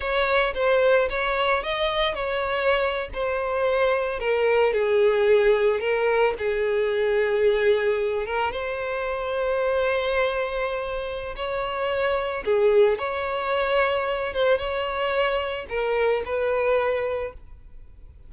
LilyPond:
\new Staff \with { instrumentName = "violin" } { \time 4/4 \tempo 4 = 111 cis''4 c''4 cis''4 dis''4 | cis''4.~ cis''16 c''2 ais'16~ | ais'8. gis'2 ais'4 gis'16~ | gis'2.~ gis'16 ais'8 c''16~ |
c''1~ | c''4 cis''2 gis'4 | cis''2~ cis''8 c''8 cis''4~ | cis''4 ais'4 b'2 | }